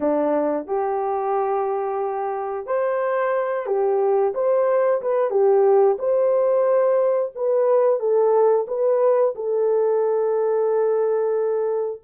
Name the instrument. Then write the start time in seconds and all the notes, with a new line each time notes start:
horn
0.00 D4
0.67 G4
2.66 C5
3.66 G4
4.34 C5
5.01 B4
5.30 G4
5.98 C5
7.35 B4
7.99 A4
8.67 B4
9.35 A4